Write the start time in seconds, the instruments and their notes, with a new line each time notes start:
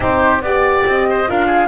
0.00 double bass C4, horn D#4, oboe G4, flute C5
0.41 double bass B3, horn G4, flute D5, oboe D5
0.85 double bass C4, flute D#5
1.09 oboe C5
1.27 double bass D4, horn F4, oboe A#4, flute F5
1.46 oboe G#4